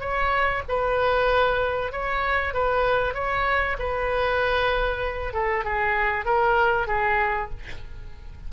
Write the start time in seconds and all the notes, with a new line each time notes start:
0.00 C#5
0.68 B4
1.92 C#5
2.53 B4
3.14 C#5
3.79 B4
5.33 A4
5.64 G#4
6.25 A#4
6.87 G#4